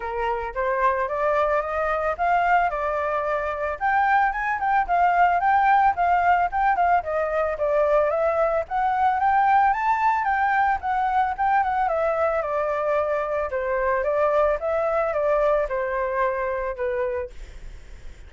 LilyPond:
\new Staff \with { instrumentName = "flute" } { \time 4/4 \tempo 4 = 111 ais'4 c''4 d''4 dis''4 | f''4 d''2 g''4 | gis''8 g''8 f''4 g''4 f''4 | g''8 f''8 dis''4 d''4 e''4 |
fis''4 g''4 a''4 g''4 | fis''4 g''8 fis''8 e''4 d''4~ | d''4 c''4 d''4 e''4 | d''4 c''2 b'4 | }